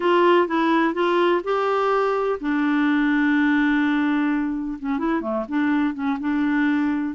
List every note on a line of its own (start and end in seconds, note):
0.00 0.47 F4
0.47 0.94 E4
0.94 1.41 F4
1.44 2.39 G4
2.40 4.78 D4
4.79 4.98 C#4
4.98 5.21 E4
5.21 5.45 A3
5.48 5.94 D4
5.94 6.18 C#4
6.19 7.14 D4